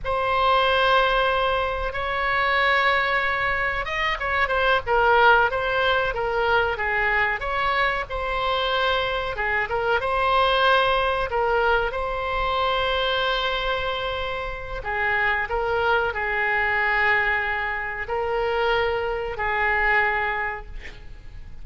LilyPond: \new Staff \with { instrumentName = "oboe" } { \time 4/4 \tempo 4 = 93 c''2. cis''4~ | cis''2 dis''8 cis''8 c''8 ais'8~ | ais'8 c''4 ais'4 gis'4 cis''8~ | cis''8 c''2 gis'8 ais'8 c''8~ |
c''4. ais'4 c''4.~ | c''2. gis'4 | ais'4 gis'2. | ais'2 gis'2 | }